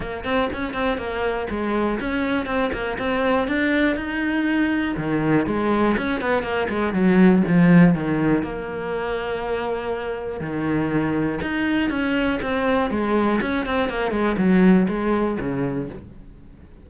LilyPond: \new Staff \with { instrumentName = "cello" } { \time 4/4 \tempo 4 = 121 ais8 c'8 cis'8 c'8 ais4 gis4 | cis'4 c'8 ais8 c'4 d'4 | dis'2 dis4 gis4 | cis'8 b8 ais8 gis8 fis4 f4 |
dis4 ais2.~ | ais4 dis2 dis'4 | cis'4 c'4 gis4 cis'8 c'8 | ais8 gis8 fis4 gis4 cis4 | }